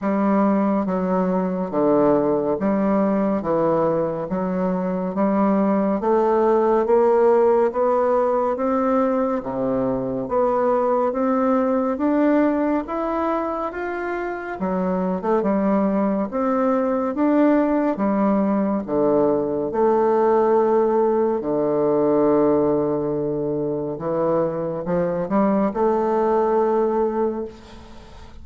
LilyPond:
\new Staff \with { instrumentName = "bassoon" } { \time 4/4 \tempo 4 = 70 g4 fis4 d4 g4 | e4 fis4 g4 a4 | ais4 b4 c'4 c4 | b4 c'4 d'4 e'4 |
f'4 fis8. a16 g4 c'4 | d'4 g4 d4 a4~ | a4 d2. | e4 f8 g8 a2 | }